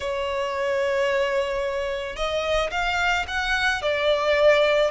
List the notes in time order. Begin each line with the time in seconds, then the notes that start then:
0.00 C#5
2.15 D#5
2.70 F5
3.27 F#5
3.82 D5